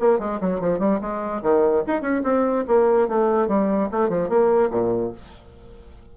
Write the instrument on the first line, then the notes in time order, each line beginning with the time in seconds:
bassoon
0.00 A#3
0.19 G#3
0.41 F#3
0.60 F3
0.79 G3
1.01 G#3
1.42 D#3
1.87 D#4
2.02 C#4
2.24 C4
2.68 A#3
3.08 A3
3.48 G3
3.91 A3
4.09 F3
4.29 A#3
4.71 A#2